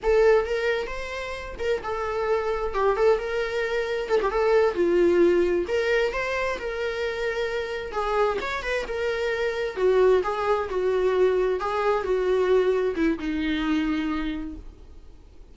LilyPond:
\new Staff \with { instrumentName = "viola" } { \time 4/4 \tempo 4 = 132 a'4 ais'4 c''4. ais'8 | a'2 g'8 a'8 ais'4~ | ais'4 a'16 g'16 a'4 f'4.~ | f'8 ais'4 c''4 ais'4.~ |
ais'4. gis'4 cis''8 b'8 ais'8~ | ais'4. fis'4 gis'4 fis'8~ | fis'4. gis'4 fis'4.~ | fis'8 e'8 dis'2. | }